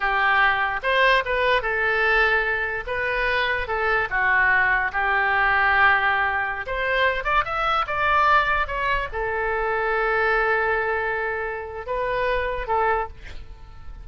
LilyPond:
\new Staff \with { instrumentName = "oboe" } { \time 4/4 \tempo 4 = 147 g'2 c''4 b'4 | a'2. b'4~ | b'4 a'4 fis'2 | g'1~ |
g'16 c''4. d''8 e''4 d''8.~ | d''4~ d''16 cis''4 a'4.~ a'16~ | a'1~ | a'4 b'2 a'4 | }